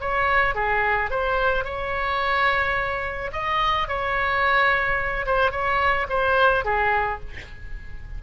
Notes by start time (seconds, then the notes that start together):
0.00 C#5
0.55 G#4
1.10 C5
1.64 C#5
3.32 D#5
3.88 C#5
5.26 C5
5.51 C#5
6.09 C5
6.64 G#4